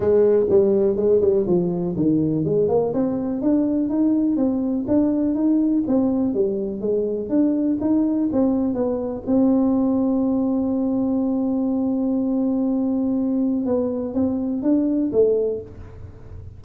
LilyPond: \new Staff \with { instrumentName = "tuba" } { \time 4/4 \tempo 4 = 123 gis4 g4 gis8 g8 f4 | dis4 gis8 ais8 c'4 d'4 | dis'4 c'4 d'4 dis'4 | c'4 g4 gis4 d'4 |
dis'4 c'4 b4 c'4~ | c'1~ | c'1 | b4 c'4 d'4 a4 | }